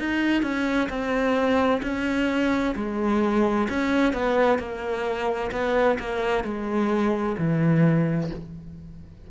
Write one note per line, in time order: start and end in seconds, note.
0.00 0.43 D#4
0.43 0.89 C#4
0.89 1.82 C4
1.83 2.75 C#4
2.76 3.68 G#3
3.70 4.13 C#4
4.13 4.59 B3
4.59 5.51 A#3
5.52 5.98 B3
6.00 6.44 A#3
6.44 7.36 G#3
7.38 8.31 E3